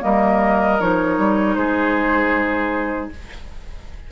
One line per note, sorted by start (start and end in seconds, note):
0.00 0.80 G3
0.00 0.77 A#3
0.00 1.58 A#4
0.00 0.80 D#5
0.80 1.18 F3
0.80 3.11 D#4
0.80 1.56 C#5
1.18 1.57 G3
1.56 3.10 G#3
1.56 3.12 G#4
1.56 3.09 C5